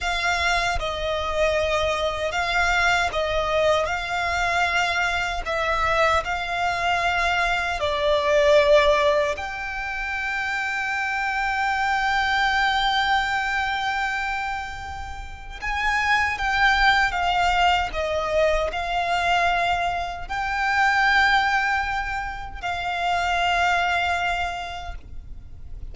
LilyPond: \new Staff \with { instrumentName = "violin" } { \time 4/4 \tempo 4 = 77 f''4 dis''2 f''4 | dis''4 f''2 e''4 | f''2 d''2 | g''1~ |
g''1 | gis''4 g''4 f''4 dis''4 | f''2 g''2~ | g''4 f''2. | }